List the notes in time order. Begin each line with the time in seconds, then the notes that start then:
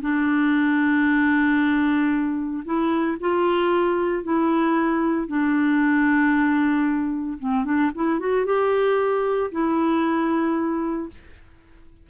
0.00 D4
2.64 E4
3.20 F4
4.23 E4
5.27 D4
7.39 C4
7.64 D4
7.94 E4
8.19 F#4
8.45 G4
9.51 E4